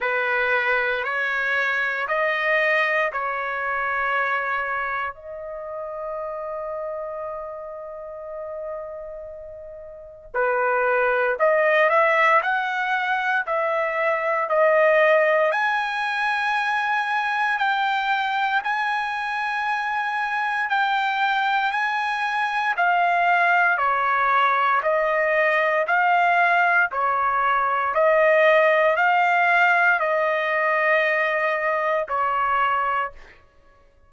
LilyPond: \new Staff \with { instrumentName = "trumpet" } { \time 4/4 \tempo 4 = 58 b'4 cis''4 dis''4 cis''4~ | cis''4 dis''2.~ | dis''2 b'4 dis''8 e''8 | fis''4 e''4 dis''4 gis''4~ |
gis''4 g''4 gis''2 | g''4 gis''4 f''4 cis''4 | dis''4 f''4 cis''4 dis''4 | f''4 dis''2 cis''4 | }